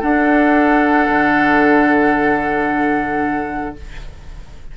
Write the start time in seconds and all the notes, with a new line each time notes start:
0.00 D4 A4 F#5
1.08 D3